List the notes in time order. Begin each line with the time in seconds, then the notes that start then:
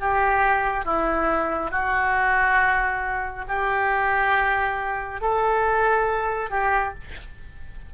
0.00 G4
0.85 E4
1.71 F#4
3.48 G4
5.21 A4
6.50 G4